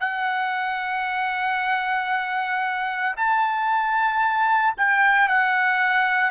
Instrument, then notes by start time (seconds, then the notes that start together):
trumpet
0.00 F#5
3.17 A5
4.77 G5
5.28 F#5